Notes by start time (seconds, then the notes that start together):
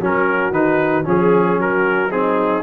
0.00 F#3 C#4 F#4 A#4
0.51 D#3 D#4 B4
1.04 F3 C#4 G#4
1.58 F#3 F#4 A#4
2.10 C4 D#4 G#4